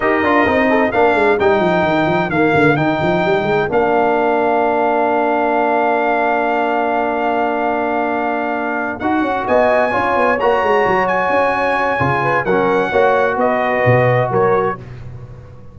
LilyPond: <<
  \new Staff \with { instrumentName = "trumpet" } { \time 4/4 \tempo 4 = 130 dis''2 f''4 g''4~ | g''4 f''4 g''2 | f''1~ | f''1~ |
f''2.~ f''8 fis''8~ | fis''8 gis''2 ais''4. | gis''2. fis''4~ | fis''4 dis''2 cis''4 | }
  \new Staff \with { instrumentName = "horn" } { \time 4/4 ais'4. a'8 ais'2~ | ais'1~ | ais'1~ | ais'1~ |
ais'1~ | ais'8 dis''4 cis''2~ cis''8~ | cis''2~ cis''8 b'8 ais'4 | cis''4 b'2 ais'4 | }
  \new Staff \with { instrumentName = "trombone" } { \time 4/4 g'8 f'8 dis'4 d'4 dis'4~ | dis'4 ais4 dis'2 | d'1~ | d'1~ |
d'2.~ d'8 fis'8~ | fis'4. f'4 fis'4.~ | fis'2 f'4 cis'4 | fis'1 | }
  \new Staff \with { instrumentName = "tuba" } { \time 4/4 dis'8 d'8 c'4 ais8 gis8 g8 f8 | dis8 f8 dis8 d8 dis8 f8 g8 gis8 | ais1~ | ais1~ |
ais2.~ ais8 dis'8 | cis'8 b4 cis'8 b8 ais8 gis8 fis8~ | fis8 cis'4. cis4 fis4 | ais4 b4 b,4 fis4 | }
>>